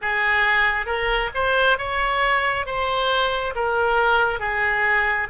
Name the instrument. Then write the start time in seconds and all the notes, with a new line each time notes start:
oboe
0.01 G#4
0.85 A#4
1.34 C5
1.78 C#5
2.66 C5
3.55 A#4
4.39 G#4